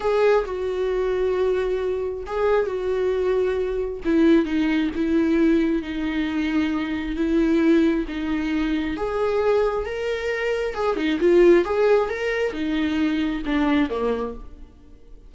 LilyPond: \new Staff \with { instrumentName = "viola" } { \time 4/4 \tempo 4 = 134 gis'4 fis'2.~ | fis'4 gis'4 fis'2~ | fis'4 e'4 dis'4 e'4~ | e'4 dis'2. |
e'2 dis'2 | gis'2 ais'2 | gis'8 dis'8 f'4 gis'4 ais'4 | dis'2 d'4 ais4 | }